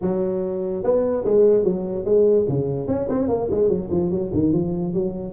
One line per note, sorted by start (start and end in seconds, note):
0.01 0.83 F#3
0.83 1.24 B3
1.24 1.63 G#3
1.63 2.04 F#3
2.04 2.45 G#3
2.48 2.87 C#3
2.87 3.08 C#4
3.09 3.28 C4
3.28 3.49 A#3
3.50 3.68 G#3
3.68 3.89 F#3
3.90 4.10 F3
4.10 4.31 F#3
4.33 4.52 D#3
4.52 4.93 F3
4.93 5.33 F#3